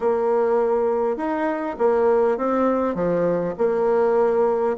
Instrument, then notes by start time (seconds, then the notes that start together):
bassoon
0.00 A#3
1.16 D#4
1.78 A#3
2.37 C4
2.94 F3
3.58 A#3